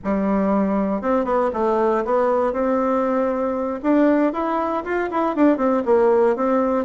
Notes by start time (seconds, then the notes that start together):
0.04 G3
1.01 C4
1.25 B3
1.53 A3
2.05 B3
2.53 C4
3.82 D4
4.32 E4
4.84 F4
5.10 E4
5.35 D4
5.57 C4
5.85 A#3
6.36 C4